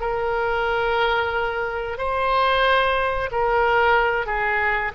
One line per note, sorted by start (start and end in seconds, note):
0.00 1.98 A#4
1.98 3.29 C5
3.31 4.26 A#4
4.26 4.92 G#4